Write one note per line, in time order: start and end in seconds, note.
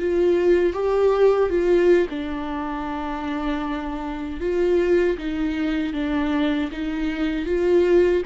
0.00 0.74 F4
0.74 1.50 G4
1.50 2.08 F4
2.10 4.41 D4
4.41 5.18 F4
5.18 5.94 D#4
5.94 6.71 D4
6.72 7.46 D#4
7.46 8.23 F4